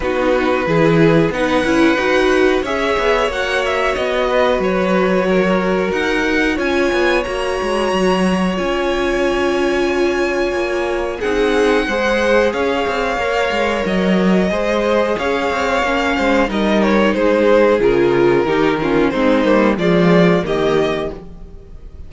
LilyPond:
<<
  \new Staff \with { instrumentName = "violin" } { \time 4/4 \tempo 4 = 91 b'2 fis''2 | e''4 fis''8 e''8 dis''4 cis''4~ | cis''4 fis''4 gis''4 ais''4~ | ais''4 gis''2.~ |
gis''4 fis''2 f''4~ | f''4 dis''2 f''4~ | f''4 dis''8 cis''8 c''4 ais'4~ | ais'4 c''4 d''4 dis''4 | }
  \new Staff \with { instrumentName = "violin" } { \time 4/4 fis'4 gis'4 b'2 | cis''2~ cis''8 b'4. | ais'2 cis''2~ | cis''1~ |
cis''4 gis'4 c''4 cis''4~ | cis''2 c''4 cis''4~ | cis''8 c''8 ais'4 gis'2 | g'8 f'8 dis'4 f'4 g'4 | }
  \new Staff \with { instrumentName = "viola" } { \time 4/4 dis'4 e'4 dis'8 e'8 fis'4 | gis'4 fis'2.~ | fis'2 f'4 fis'4~ | fis'4 f'2.~ |
f'4 dis'4 gis'2 | ais'2 gis'2 | cis'4 dis'2 f'4 | dis'8 cis'8 c'8 ais8 gis4 ais4 | }
  \new Staff \with { instrumentName = "cello" } { \time 4/4 b4 e4 b8 cis'8 dis'4 | cis'8 b8 ais4 b4 fis4~ | fis4 dis'4 cis'8 b8 ais8 gis8 | fis4 cis'2. |
ais4 c'4 gis4 cis'8 c'8 | ais8 gis8 fis4 gis4 cis'8 c'8 | ais8 gis8 g4 gis4 cis4 | dis4 gis8 g8 f4 dis4 | }
>>